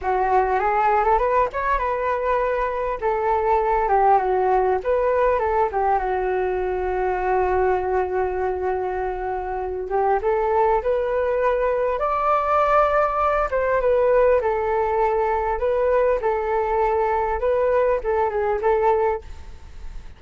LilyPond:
\new Staff \with { instrumentName = "flute" } { \time 4/4 \tempo 4 = 100 fis'4 gis'8. a'16 b'8 cis''8 b'4~ | b'4 a'4. g'8 fis'4 | b'4 a'8 g'8 fis'2~ | fis'1~ |
fis'8 g'8 a'4 b'2 | d''2~ d''8 c''8 b'4 | a'2 b'4 a'4~ | a'4 b'4 a'8 gis'8 a'4 | }